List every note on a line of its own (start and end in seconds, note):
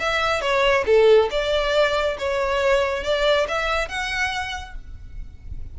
0.00 0.42 E5
0.42 0.85 C#5
0.87 1.30 A4
1.31 2.18 D5
2.19 3.04 C#5
3.04 3.47 D5
3.49 3.89 E5
3.89 4.75 F#5